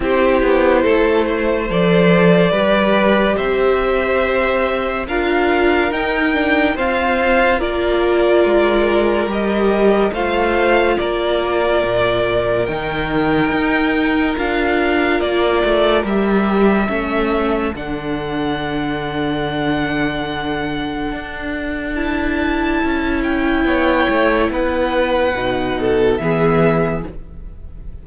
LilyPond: <<
  \new Staff \with { instrumentName = "violin" } { \time 4/4 \tempo 4 = 71 c''2 d''2 | e''2 f''4 g''4 | f''4 d''2 dis''4 | f''4 d''2 g''4~ |
g''4 f''4 d''4 e''4~ | e''4 fis''2.~ | fis''2 a''4. g''8~ | g''4 fis''2 e''4 | }
  \new Staff \with { instrumentName = "violin" } { \time 4/4 g'4 a'8 c''4. b'4 | c''2 ais'2 | c''4 ais'2. | c''4 ais'2.~ |
ais'1 | a'1~ | a'1 | cis''4 b'4. a'8 gis'4 | }
  \new Staff \with { instrumentName = "viola" } { \time 4/4 e'2 a'4 g'4~ | g'2 f'4 dis'8 d'8 | c'4 f'2 g'4 | f'2. dis'4~ |
dis'4 f'2 g'4 | cis'4 d'2.~ | d'2 e'2~ | e'2 dis'4 b4 | }
  \new Staff \with { instrumentName = "cello" } { \time 4/4 c'8 b8 a4 f4 g4 | c'2 d'4 dis'4 | f'4 ais4 gis4 g4 | a4 ais4 ais,4 dis4 |
dis'4 d'4 ais8 a8 g4 | a4 d2.~ | d4 d'2 cis'4 | b8 a8 b4 b,4 e4 | }
>>